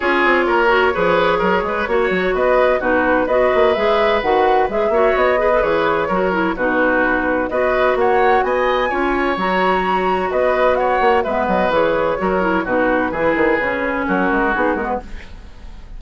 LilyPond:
<<
  \new Staff \with { instrumentName = "flute" } { \time 4/4 \tempo 4 = 128 cis''1~ | cis''4 dis''4 b'4 dis''4 | e''4 fis''4 e''4 dis''4 | cis''2 b'2 |
dis''4 fis''4 gis''2 | ais''2 dis''4 fis''4 | e''8 dis''8 cis''2 b'4~ | b'2 ais'4 gis'8 ais'16 b'16 | }
  \new Staff \with { instrumentName = "oboe" } { \time 4/4 gis'4 ais'4 b'4 ais'8 b'8 | cis''4 b'4 fis'4 b'4~ | b'2~ b'8 cis''4 b'8~ | b'4 ais'4 fis'2 |
b'4 cis''4 dis''4 cis''4~ | cis''2 b'4 cis''4 | b'2 ais'4 fis'4 | gis'2 fis'2 | }
  \new Staff \with { instrumentName = "clarinet" } { \time 4/4 f'4. fis'8 gis'2 | fis'2 dis'4 fis'4 | gis'4 fis'4 gis'8 fis'4 gis'16 a'16 | gis'4 fis'8 e'8 dis'2 |
fis'2. f'4 | fis'1 | b4 gis'4 fis'8 e'8 dis'4 | e'4 cis'2 dis'8 b8 | }
  \new Staff \with { instrumentName = "bassoon" } { \time 4/4 cis'8 c'8 ais4 f4 fis8 gis8 | ais8 fis8 b4 b,4 b8 ais8 | gis4 dis4 gis8 ais8 b4 | e4 fis4 b,2 |
b4 ais4 b4 cis'4 | fis2 b4. ais8 | gis8 fis8 e4 fis4 b,4 | e8 dis8 cis4 fis8 gis8 b8 gis8 | }
>>